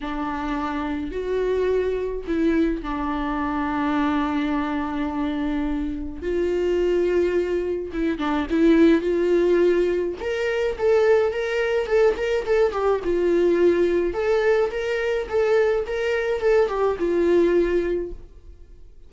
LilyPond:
\new Staff \with { instrumentName = "viola" } { \time 4/4 \tempo 4 = 106 d'2 fis'2 | e'4 d'2.~ | d'2. f'4~ | f'2 e'8 d'8 e'4 |
f'2 ais'4 a'4 | ais'4 a'8 ais'8 a'8 g'8 f'4~ | f'4 a'4 ais'4 a'4 | ais'4 a'8 g'8 f'2 | }